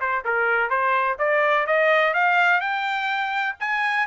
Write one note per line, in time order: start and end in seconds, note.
0.00 0.24 C5
0.24 0.69 A#4
0.69 1.17 C5
1.18 1.66 D5
1.66 2.13 D#5
2.13 2.60 F5
2.60 3.55 G5
3.59 4.06 G#5